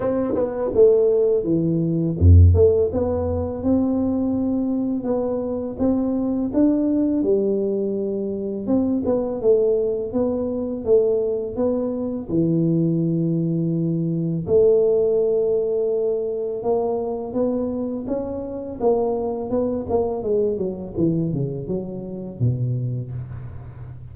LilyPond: \new Staff \with { instrumentName = "tuba" } { \time 4/4 \tempo 4 = 83 c'8 b8 a4 e4 f,8 a8 | b4 c'2 b4 | c'4 d'4 g2 | c'8 b8 a4 b4 a4 |
b4 e2. | a2. ais4 | b4 cis'4 ais4 b8 ais8 | gis8 fis8 e8 cis8 fis4 b,4 | }